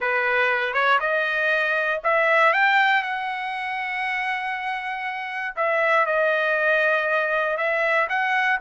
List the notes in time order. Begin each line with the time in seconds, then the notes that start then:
0.00 B4
0.73 C#5
1.00 D#5
2.03 E5
2.53 G5
3.02 F#5
5.56 E5
6.05 D#5
7.57 E5
8.09 F#5